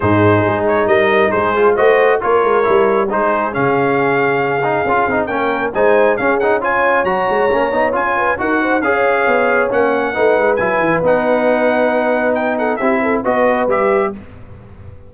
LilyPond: <<
  \new Staff \with { instrumentName = "trumpet" } { \time 4/4 \tempo 4 = 136 c''4. cis''8 dis''4 c''4 | dis''4 cis''2 c''4 | f''1 | g''4 gis''4 f''8 fis''8 gis''4 |
ais''2 gis''4 fis''4 | f''2 fis''2 | gis''4 fis''2. | g''8 fis''8 e''4 dis''4 e''4 | }
  \new Staff \with { instrumentName = "horn" } { \time 4/4 gis'2 ais'4 gis'4 | c''4 ais'2 gis'4~ | gis'1 | ais'4 c''4 gis'4 cis''4~ |
cis''2~ cis''8 b'8 ais'8 c''8 | cis''2. b'4~ | b'1~ | b'8 a'8 g'8 a'8 b'2 | }
  \new Staff \with { instrumentName = "trombone" } { \time 4/4 dis'2.~ dis'8 f'8 | fis'4 f'4 e'4 dis'4 | cis'2~ cis'8 dis'8 f'8 dis'8 | cis'4 dis'4 cis'8 dis'8 f'4 |
fis'4 cis'8 dis'8 f'4 fis'4 | gis'2 cis'4 dis'4 | e'4 dis'2.~ | dis'4 e'4 fis'4 g'4 | }
  \new Staff \with { instrumentName = "tuba" } { \time 4/4 gis,4 gis4 g4 gis4 | a4 ais8 gis8 g4 gis4 | cis2. cis'8 c'8 | ais4 gis4 cis'2 |
fis8 gis8 ais8 b8 cis'4 dis'4 | cis'4 b4 ais4 a8 gis8 | fis8 e8 b2.~ | b4 c'4 b4 g4 | }
>>